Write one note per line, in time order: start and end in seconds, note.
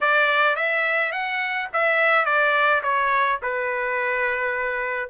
0.00 0.56 D5
0.56 1.12 E5
1.12 1.68 F#5
1.73 2.25 E5
2.25 2.81 D5
2.83 3.39 C#5
3.42 5.09 B4